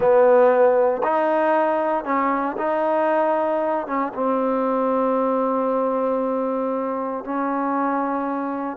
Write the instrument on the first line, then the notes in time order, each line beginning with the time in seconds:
trombone
0.00 B3
1.03 D#4
2.04 C#4
2.57 D#4
3.87 C#4
4.14 C4
7.24 C#4